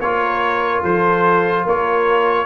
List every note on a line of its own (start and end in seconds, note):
0.00 0.82 A#3
0.00 2.46 F4
0.00 0.82 A#4
0.00 0.82 C#5
0.82 1.65 F3
0.82 1.64 A4
0.82 1.66 C5
1.64 2.46 A#3
1.64 2.46 A#4
1.64 2.46 C#5